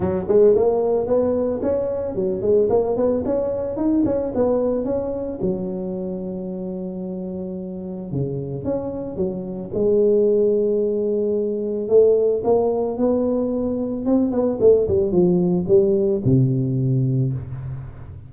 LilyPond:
\new Staff \with { instrumentName = "tuba" } { \time 4/4 \tempo 4 = 111 fis8 gis8 ais4 b4 cis'4 | fis8 gis8 ais8 b8 cis'4 dis'8 cis'8 | b4 cis'4 fis2~ | fis2. cis4 |
cis'4 fis4 gis2~ | gis2 a4 ais4 | b2 c'8 b8 a8 g8 | f4 g4 c2 | }